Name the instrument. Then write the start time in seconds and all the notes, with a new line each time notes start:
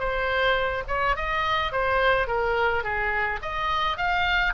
oboe
0.00 C5
0.88 C#5
1.16 D#5
1.72 C5
2.28 A#4
2.84 G#4
3.42 D#5
3.97 F5